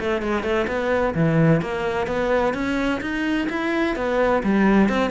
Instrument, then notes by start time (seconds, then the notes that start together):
cello
0.00 A3
0.22 G#3
0.43 A3
0.68 B3
1.15 E3
1.62 A#3
2.07 B3
2.54 C#4
3.01 D#4
3.49 E4
3.96 B3
4.43 G3
4.89 C4